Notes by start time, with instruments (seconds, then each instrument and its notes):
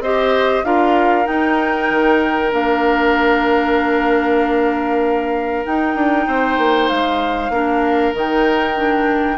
0.00 bassoon C4, clarinet G4, oboe C5, flute D#5
0.64 bassoon D4, clarinet F4, oboe A#4, flute F5
1.24 clarinet D#4, bassoon D#4, flute G5
1.91 bassoon D#3
2.51 bassoon A#3, clarinet D4, flute F5
5.65 clarinet D#4, bassoon D#4, flute G5
5.95 bassoon D4
6.27 bassoon C4, oboe C5
6.58 bassoon A#3
6.88 bassoon G#3, flute F5
7.50 bassoon A#3, clarinet D4, oboe A#4
8.14 bassoon D#3, clarinet D#4, flute G5
8.76 clarinet D4